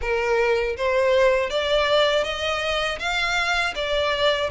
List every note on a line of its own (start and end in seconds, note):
0.01 0.76 A#4
0.76 1.50 C5
1.50 2.23 D5
2.23 2.98 D#5
2.99 3.74 F5
3.75 4.50 D5